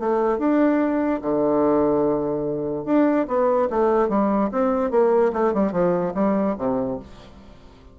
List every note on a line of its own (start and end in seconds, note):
0.00 0.39 A3
0.39 1.21 D4
1.22 2.86 D3
2.86 3.27 D4
3.28 3.69 B3
3.70 4.09 A3
4.09 4.50 G3
4.52 4.91 C4
4.91 5.32 A#3
5.33 5.54 A3
5.54 5.72 G3
5.72 6.13 F3
6.15 6.56 G3
6.58 6.99 C3